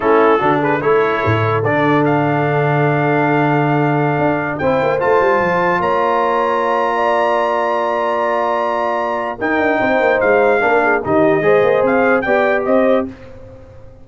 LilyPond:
<<
  \new Staff \with { instrumentName = "trumpet" } { \time 4/4 \tempo 4 = 147 a'4. b'8 cis''2 | d''4 f''2.~ | f''2.~ f''16 g''8.~ | g''16 a''2 ais''4.~ ais''16~ |
ais''1~ | ais''2. g''4~ | g''4 f''2 dis''4~ | dis''4 f''4 g''4 dis''4 | }
  \new Staff \with { instrumentName = "horn" } { \time 4/4 e'4 fis'8 gis'8 a'2~ | a'1~ | a'2.~ a'16 c''8.~ | c''2~ c''16 cis''4.~ cis''16~ |
cis''4 d''2.~ | d''2. ais'4 | c''2 ais'8 gis'8 g'4 | c''2 d''4 c''4 | }
  \new Staff \with { instrumentName = "trombone" } { \time 4/4 cis'4 d'4 e'2 | d'1~ | d'2.~ d'16 e'8.~ | e'16 f'2.~ f'8.~ |
f'1~ | f'2. dis'4~ | dis'2 d'4 dis'4 | gis'2 g'2 | }
  \new Staff \with { instrumentName = "tuba" } { \time 4/4 a4 d4 a4 a,4 | d1~ | d2~ d16 d'4 c'8 ais16~ | ais16 a8 g8 f4 ais4.~ ais16~ |
ais1~ | ais2. dis'8 d'8 | c'8 ais8 gis4 ais4 dis4 | gis8 ais8 c'4 b4 c'4 | }
>>